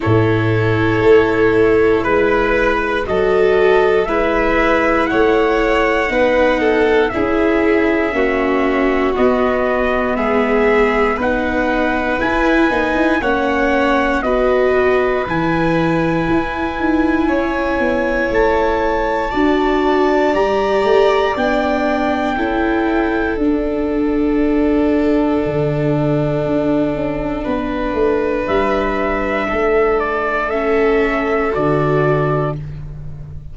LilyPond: <<
  \new Staff \with { instrumentName = "trumpet" } { \time 4/4 \tempo 4 = 59 cis''2 b'4 dis''4 | e''4 fis''2 e''4~ | e''4 dis''4 e''4 fis''4 | gis''4 fis''4 dis''4 gis''4~ |
gis''2 a''2 | ais''4 g''2 fis''4~ | fis''1 | e''4. d''8 e''4 d''4 | }
  \new Staff \with { instrumentName = "violin" } { \time 4/4 a'2 b'4 a'4 | b'4 cis''4 b'8 a'8 gis'4 | fis'2 gis'4 b'4~ | b'4 cis''4 b'2~ |
b'4 cis''2 d''4~ | d''2 a'2~ | a'2. b'4~ | b'4 a'2. | }
  \new Staff \with { instrumentName = "viola" } { \time 4/4 e'2. fis'4 | e'2 dis'4 e'4 | cis'4 b2 dis'4 | e'8 dis'8 cis'4 fis'4 e'4~ |
e'2. fis'4 | g'4 d'4 e'4 d'4~ | d'1~ | d'2 cis'4 fis'4 | }
  \new Staff \with { instrumentName = "tuba" } { \time 4/4 a,4 a4 gis4 fis4 | gis4 a4 b4 cis'4 | ais4 b4 gis4 b4 | e'8 ais16 e'16 ais4 b4 e4 |
e'8 dis'8 cis'8 b8 a4 d'4 | g8 a8 b4 cis'4 d'4~ | d'4 d4 d'8 cis'8 b8 a8 | g4 a2 d4 | }
>>